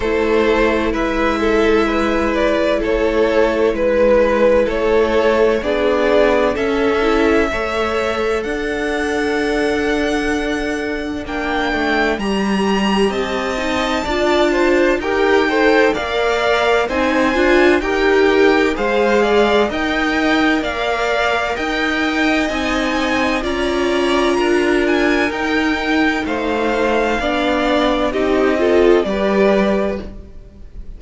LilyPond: <<
  \new Staff \with { instrumentName = "violin" } { \time 4/4 \tempo 4 = 64 c''4 e''4. d''8 cis''4 | b'4 cis''4 d''4 e''4~ | e''4 fis''2. | g''4 ais''4 a''2 |
g''4 f''4 gis''4 g''4 | f''4 g''4 f''4 g''4 | gis''4 ais''4. gis''8 g''4 | f''2 dis''4 d''4 | }
  \new Staff \with { instrumentName = "violin" } { \time 4/4 a'4 b'8 a'8 b'4 a'4 | b'4 a'4 gis'4 a'4 | cis''4 d''2.~ | d''2 dis''4 d''8 c''8 |
ais'8 c''8 d''4 c''4 ais'4 | c''8 d''8 dis''4 d''4 dis''4~ | dis''4 d''4 ais'2 | c''4 d''4 g'8 a'8 b'4 | }
  \new Staff \with { instrumentName = "viola" } { \time 4/4 e'1~ | e'2 d'4 cis'8 e'8 | a'1 | d'4 g'4. dis'8 f'4 |
g'8 a'8 ais'4 dis'8 f'8 g'4 | gis'4 ais'2. | dis'4 f'2 dis'4~ | dis'4 d'4 dis'8 f'8 g'4 | }
  \new Staff \with { instrumentName = "cello" } { \time 4/4 a4 gis2 a4 | gis4 a4 b4 cis'4 | a4 d'2. | ais8 a8 g4 c'4 d'4 |
dis'4 ais4 c'8 d'8 dis'4 | gis4 dis'4 ais4 dis'4 | c'4 cis'4 d'4 dis'4 | a4 b4 c'4 g4 | }
>>